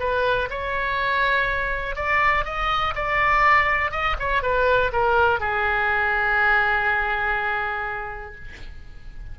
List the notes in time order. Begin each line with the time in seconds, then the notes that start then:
0.00 B4
0.50 C#5
1.96 D5
2.45 D#5
2.96 D5
3.91 D#5
4.19 C#5
4.43 B4
4.93 A#4
5.40 G#4